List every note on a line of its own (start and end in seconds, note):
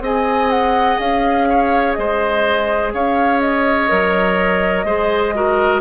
0.00 0.97 C4
0.00 3.89 G#4
0.00 1.48 D#5
0.00 0.50 G#5
0.50 0.99 F#5
0.99 1.96 C#4
0.99 1.94 F5
1.49 1.98 C#5
1.94 2.94 G#3
1.94 2.94 C5
1.94 2.91 D#5
2.94 3.91 C#4
2.94 4.85 C#5
2.94 3.41 F5
3.41 5.81 D#5
3.89 4.84 F#3
3.89 4.85 A#4
4.84 5.81 G#3
4.84 5.35 G#4
4.84 5.34 C5
5.35 5.81 F#4
5.35 5.81 A#4